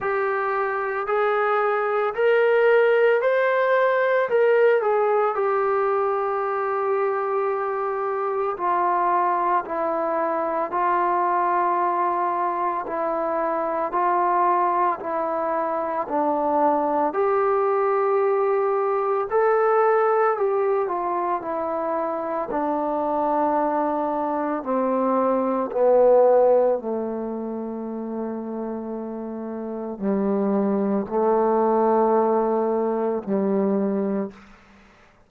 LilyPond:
\new Staff \with { instrumentName = "trombone" } { \time 4/4 \tempo 4 = 56 g'4 gis'4 ais'4 c''4 | ais'8 gis'8 g'2. | f'4 e'4 f'2 | e'4 f'4 e'4 d'4 |
g'2 a'4 g'8 f'8 | e'4 d'2 c'4 | b4 a2. | g4 a2 g4 | }